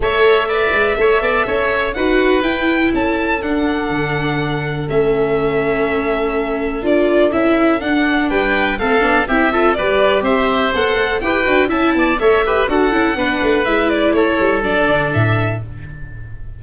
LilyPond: <<
  \new Staff \with { instrumentName = "violin" } { \time 4/4 \tempo 4 = 123 e''1 | fis''4 g''4 a''4 fis''4~ | fis''2 e''2~ | e''2 d''4 e''4 |
fis''4 g''4 f''4 e''4 | d''4 e''4 fis''4 g''4 | a''4 e''4 fis''2 | e''8 d''8 cis''4 d''4 e''4 | }
  \new Staff \with { instrumentName = "oboe" } { \time 4/4 cis''4 d''4 cis''8 d''8 cis''4 | b'2 a'2~ | a'1~ | a'1~ |
a'4 b'4 a'4 g'8 a'8 | b'4 c''2 b'4 | e''8 d''8 cis''8 b'8 a'4 b'4~ | b'4 a'2. | }
  \new Staff \with { instrumentName = "viola" } { \time 4/4 a'4 b'4 a'2 | fis'4 e'2 d'4~ | d'2 cis'2~ | cis'2 f'4 e'4 |
d'2 c'8 d'8 e'8 f'8 | g'2 a'4 g'8 fis'8 | e'4 a'8 g'8 fis'8 e'8 d'4 | e'2 d'2 | }
  \new Staff \with { instrumentName = "tuba" } { \time 4/4 a4. gis8 a8 b8 cis'4 | dis'4 e'4 cis'4 d'4 | d2 a2~ | a2 d'4 cis'4 |
d'4 g4 a8 b8 c'4 | g4 c'4 b8 a8 e'8 d'8 | cis'8 b8 a4 d'8 cis'8 b8 a8 | gis4 a8 g8 fis8 d8 a,4 | }
>>